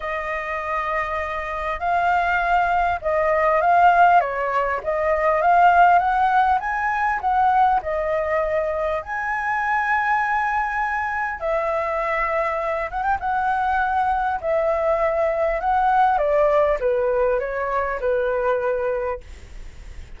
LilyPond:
\new Staff \with { instrumentName = "flute" } { \time 4/4 \tempo 4 = 100 dis''2. f''4~ | f''4 dis''4 f''4 cis''4 | dis''4 f''4 fis''4 gis''4 | fis''4 dis''2 gis''4~ |
gis''2. e''4~ | e''4. fis''16 g''16 fis''2 | e''2 fis''4 d''4 | b'4 cis''4 b'2 | }